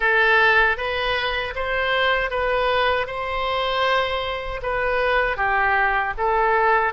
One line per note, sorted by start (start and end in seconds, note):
0.00 0.77 A4
0.77 1.53 B4
1.55 2.30 C5
2.30 3.07 B4
3.07 4.60 C5
4.62 5.36 B4
5.36 6.13 G4
6.17 6.93 A4